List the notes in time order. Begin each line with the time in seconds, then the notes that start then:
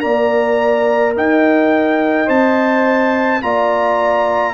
0.00 A#3 A#4 D5 A#5
1.16 D#4 D#5 G5
2.26 C4 C5 A5
3.42 A#3 F4 D5 A#5